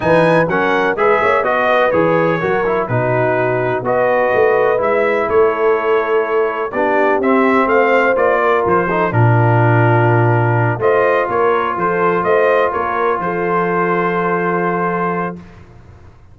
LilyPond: <<
  \new Staff \with { instrumentName = "trumpet" } { \time 4/4 \tempo 4 = 125 gis''4 fis''4 e''4 dis''4 | cis''2 b'2 | dis''2 e''4 cis''4~ | cis''2 d''4 e''4 |
f''4 d''4 c''4 ais'4~ | ais'2~ ais'8 dis''4 cis''8~ | cis''8 c''4 dis''4 cis''4 c''8~ | c''1 | }
  \new Staff \with { instrumentName = "horn" } { \time 4/4 b'4 ais'4 b'8 cis''8 dis''8 b'8~ | b'4 ais'4 fis'2 | b'2. a'4~ | a'2 g'2 |
c''4. ais'4 a'8 f'4~ | f'2~ f'8 c''4 ais'8~ | ais'8 a'4 c''4 ais'4 a'8~ | a'1 | }
  \new Staff \with { instrumentName = "trombone" } { \time 4/4 dis'4 cis'4 gis'4 fis'4 | gis'4 fis'8 e'8 dis'2 | fis'2 e'2~ | e'2 d'4 c'4~ |
c'4 f'4. dis'8 d'4~ | d'2~ d'8 f'4.~ | f'1~ | f'1 | }
  \new Staff \with { instrumentName = "tuba" } { \time 4/4 e4 fis4 gis8 ais8 b4 | e4 fis4 b,2 | b4 a4 gis4 a4~ | a2 b4 c'4 |
a4 ais4 f4 ais,4~ | ais,2~ ais,8 a4 ais8~ | ais8 f4 a4 ais4 f8~ | f1 | }
>>